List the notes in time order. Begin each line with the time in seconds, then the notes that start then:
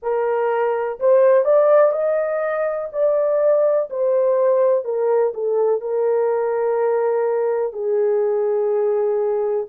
0.02 A#4
0.99 C5
1.45 D5
1.91 D#5
2.92 D5
3.90 C5
4.84 A#4
5.34 A4
5.81 A#4
7.72 G#4